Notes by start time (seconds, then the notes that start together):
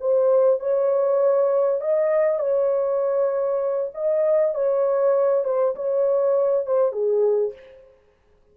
0.00 C5
0.60 C#5
1.81 D#5
2.39 C#5
3.94 D#5
4.55 C#5
5.44 C5
5.75 C#5
6.66 C5
6.92 G#4